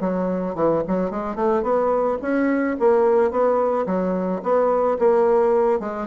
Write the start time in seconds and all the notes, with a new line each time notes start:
0.00 F#3
0.55 E3
0.87 F#3
1.10 G#3
1.35 A3
1.62 B3
2.21 C#4
2.79 A#3
3.31 B3
3.86 F#3
4.43 B3
4.99 A#3
5.80 G#3